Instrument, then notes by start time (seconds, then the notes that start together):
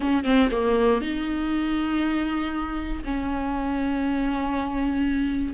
viola
0.00 C#4
0.24 C4
0.51 A#3
1.01 D#4
3.04 C#4